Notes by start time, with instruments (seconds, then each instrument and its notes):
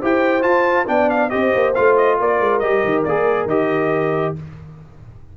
0.00 tuba E4, trombone G4, horn C5, trumpet G5
0.42 trombone F4, tuba F4, trumpet A5
0.87 tuba B3, trombone D4, horn D5, trumpet G5
1.10 trumpet F5
1.29 tuba C4, trombone G4, horn C5, trumpet D#5
1.55 tuba A#3
1.74 tuba A3, trombone F4, trumpet F5
1.97 trumpet D#5
2.19 tuba A#3, horn A#4, trumpet D5
2.40 tuba G#3
2.59 tuba G3, trombone G4, trumpet D#5
2.84 tuba D#3
3.04 tuba A#3, trombone G#4, trumpet D5
3.46 tuba D#3, trombone G4, trumpet D#5